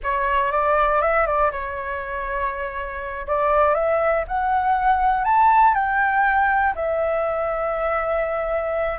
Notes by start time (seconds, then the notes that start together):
0.03 C#5
0.51 D5
1.01 E5
1.26 D5
1.51 C#5
3.27 D5
3.74 E5
4.27 F#5
5.24 A5
5.74 G5
6.75 E5